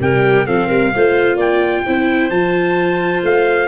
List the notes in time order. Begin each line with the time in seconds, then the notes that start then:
0.00 C3 G3 A#4 G5
0.46 F3 C4 A4 F5
0.67 G3 A#4
0.95 A3 F4 C5
1.36 A#3 D5 G5
1.86 C4 E4 C5
2.30 F3 F4 A5
3.24 A3 F5